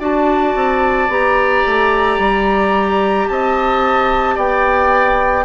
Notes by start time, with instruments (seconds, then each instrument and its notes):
0.00 bassoon D4, clarinet F#4, oboe D5, flute A5
0.55 bassoon C4
1.08 bassoon B3, clarinet G4, flute A#5
1.66 bassoon A3
2.19 bassoon G3
3.29 bassoon C4, oboe D#5, flute A5
4.35 bassoon B3, oboe D5, flute G5